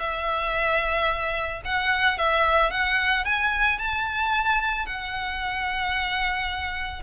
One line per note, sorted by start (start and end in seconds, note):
0.00 1.62 E5
1.65 2.18 F#5
2.18 2.71 E5
2.71 3.25 F#5
3.26 3.79 G#5
3.79 4.86 A5
4.86 7.03 F#5